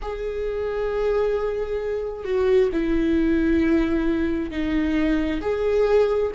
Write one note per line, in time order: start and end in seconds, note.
0.01 2.24 G#4
2.24 2.69 F#4
2.72 4.50 E4
4.50 5.41 D#4
5.41 6.31 G#4